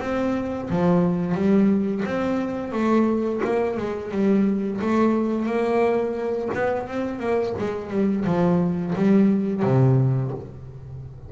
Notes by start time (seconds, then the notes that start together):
0.00 C4
0.70 F3
1.34 G3
2.06 C4
2.72 A3
3.44 A#3
3.77 G#3
4.11 G3
4.81 A3
5.46 A#3
6.54 B3
6.88 C4
7.19 A#3
7.59 G#3
7.90 G3
8.25 F3
8.95 G3
9.62 C3